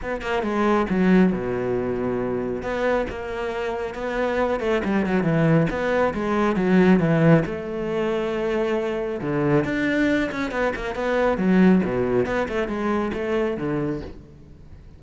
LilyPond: \new Staff \with { instrumentName = "cello" } { \time 4/4 \tempo 4 = 137 b8 ais8 gis4 fis4 b,4~ | b,2 b4 ais4~ | ais4 b4. a8 g8 fis8 | e4 b4 gis4 fis4 |
e4 a2.~ | a4 d4 d'4. cis'8 | b8 ais8 b4 fis4 b,4 | b8 a8 gis4 a4 d4 | }